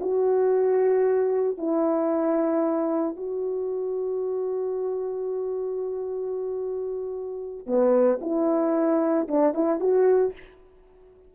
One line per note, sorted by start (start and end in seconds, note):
0.00 1.57 F#4
1.57 3.16 E4
3.16 7.66 F#4
7.66 8.19 B3
8.21 9.27 E4
9.28 9.54 D4
9.54 9.80 E4
9.80 10.33 F#4